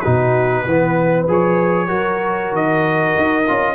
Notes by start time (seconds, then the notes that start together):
0.00 B2 D#4 F#4 B4
0.65 E3 B3 B4
1.27 F3 G#4 C#5
1.87 F#3 F#4 A#4
2.51 D#3 D#5
3.17 D#4
3.48 C#4 F4